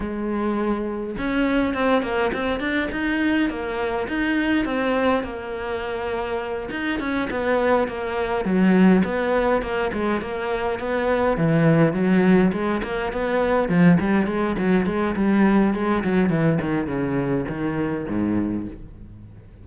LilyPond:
\new Staff \with { instrumentName = "cello" } { \time 4/4 \tempo 4 = 103 gis2 cis'4 c'8 ais8 | c'8 d'8 dis'4 ais4 dis'4 | c'4 ais2~ ais8 dis'8 | cis'8 b4 ais4 fis4 b8~ |
b8 ais8 gis8 ais4 b4 e8~ | e8 fis4 gis8 ais8 b4 f8 | g8 gis8 fis8 gis8 g4 gis8 fis8 | e8 dis8 cis4 dis4 gis,4 | }